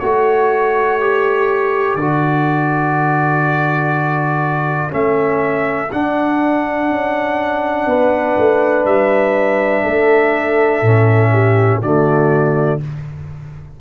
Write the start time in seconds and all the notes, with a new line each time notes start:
0.00 A3 F#4 A4 C#5
1.00 G4
1.95 D3 F#4 D5
4.90 A3 C#4 E5
5.92 D4 F#5
6.90 C#4
7.86 B3 B4
8.38 A3
8.85 G3 E5
9.83 A3 A4
10.82 A2 C#4
11.32 G4
11.81 D3 A3 F#4 D5